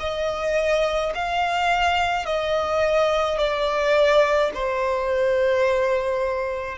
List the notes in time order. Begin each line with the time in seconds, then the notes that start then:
0.00 D#5
1.15 F5
2.26 D#5
3.39 D5
4.54 C5